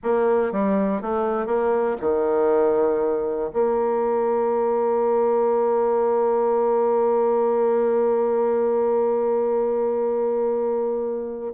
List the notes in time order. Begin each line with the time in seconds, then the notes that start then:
0.02 A#3
0.51 G3
1.01 A3
1.46 A#3
2.00 D#3
3.52 A#3